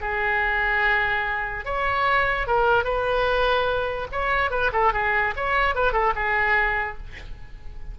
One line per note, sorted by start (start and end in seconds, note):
0.00 1.64 G#4
1.64 2.46 C#5
2.46 2.84 A#4
2.84 4.07 B4
4.11 4.50 C#5
4.50 4.71 B4
4.72 4.93 A4
4.93 5.34 G#4
5.36 5.75 C#5
5.75 5.92 B4
5.92 6.13 A4
6.15 6.97 G#4